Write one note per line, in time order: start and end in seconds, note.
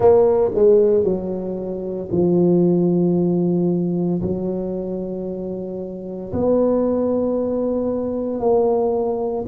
0.00 0.50 A#3
0.54 1.03 G#3
1.03 2.08 F#3
2.11 4.21 F3
4.22 6.32 F#3
6.33 8.40 B3
8.40 9.45 A#3